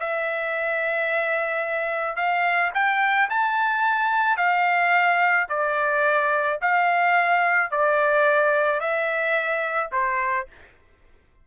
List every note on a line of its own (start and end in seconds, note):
0.00 2.16 E5
2.16 2.71 F5
2.74 3.29 G5
3.30 4.37 A5
4.37 5.47 F5
5.49 6.59 D5
6.61 7.71 F5
7.71 8.80 D5
8.80 9.90 E5
9.92 10.47 C5